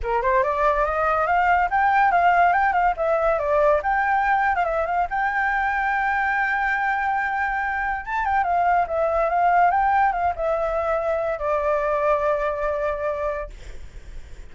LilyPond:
\new Staff \with { instrumentName = "flute" } { \time 4/4 \tempo 4 = 142 ais'8 c''8 d''4 dis''4 f''4 | g''4 f''4 g''8 f''8 e''4 | d''4 g''4.~ g''16 f''16 e''8 f''8 | g''1~ |
g''2. a''8 g''8 | f''4 e''4 f''4 g''4 | f''8 e''2~ e''8 d''4~ | d''1 | }